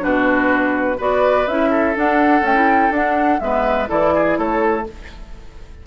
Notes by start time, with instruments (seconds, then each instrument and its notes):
0.00 bassoon B2, clarinet D4, oboe F#4, flute B4
0.98 bassoon B3, clarinet F#4, oboe B4, flute D5
1.47 bassoon C#4, clarinet E4, flute E5
1.70 oboe A4
1.95 clarinet D4, bassoon D4, flute F#5
2.41 clarinet A3, bassoon C#4, flute G5
2.55 clarinet E4
2.91 bassoon D4, clarinet D4, flute F#5
3.40 bassoon G#3, clarinet B3, oboe B4, flute E5
3.87 bassoon E3, clarinet E4, oboe A4, flute D5
4.15 oboe G#4
4.38 bassoon A3, oboe A4, flute C#5